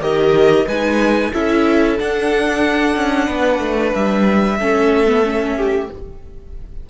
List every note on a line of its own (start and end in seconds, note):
0.00 0.65 D#3
0.00 0.65 G4
0.00 0.66 A#4
0.00 0.67 D#5
0.66 1.33 G#3
0.66 1.32 D#4
0.66 1.31 B4
0.66 1.33 G#5
1.33 1.99 C#4
1.33 1.98 E4
1.33 3.26 A4
1.33 1.99 E5
1.98 4.59 D4
1.98 2.96 D4
1.98 3.94 F#5
2.96 3.28 C#4
3.26 3.59 B3
3.26 4.57 B4
3.59 3.91 A3
3.94 4.59 G3
3.94 5.89 E5
4.59 5.89 A3
4.59 5.08 C#4
4.59 5.56 A4
5.08 5.24 B3
5.24 5.89 C#4
5.56 5.89 G4